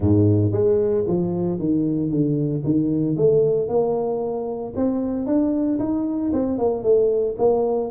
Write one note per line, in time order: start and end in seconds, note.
0.00 0.52 G#2
0.52 1.04 G#3
1.07 1.59 F3
1.59 2.10 D#3
2.10 2.63 D3
2.64 3.16 D#3
3.16 3.68 A3
3.68 4.73 A#3
4.76 5.26 C4
5.26 5.78 D4
5.79 6.32 D#4
6.33 6.58 C4
6.58 6.83 A#3
6.83 7.35 A3
7.38 7.90 A#3